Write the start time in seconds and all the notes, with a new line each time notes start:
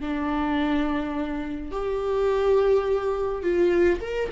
0.00 D4
1.71 G4
3.43 F4
4.01 A#4